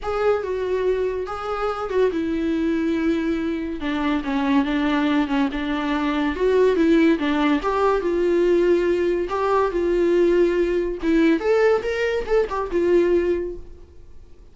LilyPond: \new Staff \with { instrumentName = "viola" } { \time 4/4 \tempo 4 = 142 gis'4 fis'2 gis'4~ | gis'8 fis'8 e'2.~ | e'4 d'4 cis'4 d'4~ | d'8 cis'8 d'2 fis'4 |
e'4 d'4 g'4 f'4~ | f'2 g'4 f'4~ | f'2 e'4 a'4 | ais'4 a'8 g'8 f'2 | }